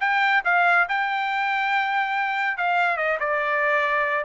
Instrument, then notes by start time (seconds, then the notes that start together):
trumpet
0.00 G5
0.44 F5
0.88 G5
2.57 F5
2.97 D#5
3.19 D5